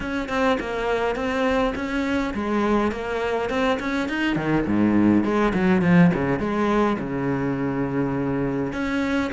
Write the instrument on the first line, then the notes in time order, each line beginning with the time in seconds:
cello
0.00 C#4
0.28 C4
0.60 A#3
1.15 C4
1.75 C#4
2.34 G#3
2.91 A#3
3.49 C4
3.79 C#4
4.08 D#4
4.36 D#3
4.66 G#2
5.23 G#3
5.54 F#3
5.81 F3
6.14 C#3
6.39 G#3
6.99 C#3
8.72 C#4